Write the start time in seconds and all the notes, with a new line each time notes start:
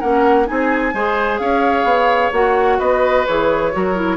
0.00 A#3 C#4 A#4 F#5
0.46 C4 D#4 G#4 G#5
0.94 G#3 G#4 C5
1.39 C#4 C#5 F5
1.84 B3
2.33 A#3 F#4 F#5
2.79 B3 B4 D#5
3.26 E3 G#4 C#5
3.73 F#3 F#4 A#4
3.96 E4